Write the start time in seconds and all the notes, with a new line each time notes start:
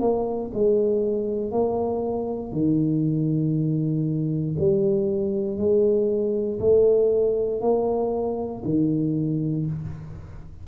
0.00 A#3
0.54 G#3
1.51 A#3
2.52 D#3
4.59 G3
5.57 G#3
6.60 A3
7.61 A#3
8.64 D#3